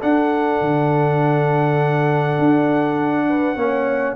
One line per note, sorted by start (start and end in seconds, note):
0.00 3.57 D4
0.00 0.61 D4
0.00 3.27 A4
0.00 4.16 F#5
0.61 2.39 D3
2.39 3.56 D4
3.29 3.55 B4
3.55 4.16 A#3
3.55 4.16 C#4
3.55 4.15 C#5